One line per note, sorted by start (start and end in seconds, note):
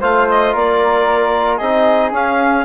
0.00 0.54 A3
0.00 1.61 F4
0.00 0.52 C5
0.00 0.28 F5
0.29 0.55 D#5
0.52 1.60 A#3
0.52 1.57 A#4
0.52 1.57 D5
1.57 2.12 C4
1.57 2.13 D#4
1.57 2.63 G#4
1.57 2.10 D#5
2.12 2.64 C#4
2.12 2.64 F5